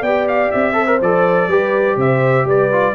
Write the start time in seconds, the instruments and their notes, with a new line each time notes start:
0.00 tuba B3, trombone G4, horn D5, trumpet G5
0.28 trumpet F5
0.51 tuba C4, trumpet E5
0.73 trombone A4, horn C5
0.87 trombone A#4
1.01 tuba F3, trombone A4, trumpet D5
1.48 tuba G3, trombone G4, horn B4
1.97 tuba C3, horn C5, trumpet E5
2.45 tuba G3, horn B4, trumpet D5
2.72 trombone F4